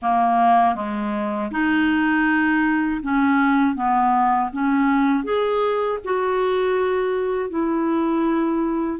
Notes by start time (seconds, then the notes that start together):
0.01 A#3
0.75 G#3
1.51 D#4
3.02 C#4
3.75 B3
4.52 C#4
5.24 G#4
6.04 F#4
7.49 E4